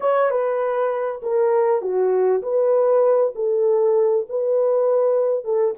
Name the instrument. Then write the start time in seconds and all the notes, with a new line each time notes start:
horn
0.00 C#5
0.30 B4
1.22 A#4
1.81 F#4
2.42 B4
3.35 A4
4.29 B4
5.44 A4